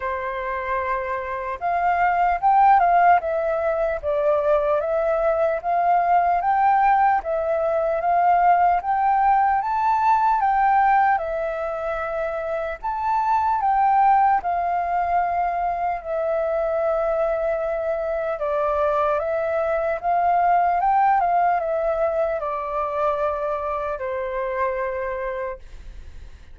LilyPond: \new Staff \with { instrumentName = "flute" } { \time 4/4 \tempo 4 = 75 c''2 f''4 g''8 f''8 | e''4 d''4 e''4 f''4 | g''4 e''4 f''4 g''4 | a''4 g''4 e''2 |
a''4 g''4 f''2 | e''2. d''4 | e''4 f''4 g''8 f''8 e''4 | d''2 c''2 | }